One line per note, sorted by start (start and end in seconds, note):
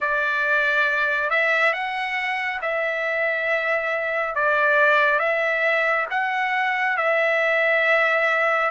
0.00 1.30 D5
1.30 1.73 E5
1.73 2.60 F#5
2.61 4.35 E5
4.35 5.19 D5
5.19 6.06 E5
6.10 6.97 F#5
6.97 8.70 E5